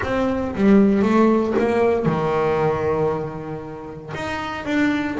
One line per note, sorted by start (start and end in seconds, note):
0.03 0.55 C4
0.55 1.02 G3
1.02 1.54 A3
1.58 2.05 A#3
2.05 4.12 D#3
4.14 4.65 D#4
4.65 5.17 D4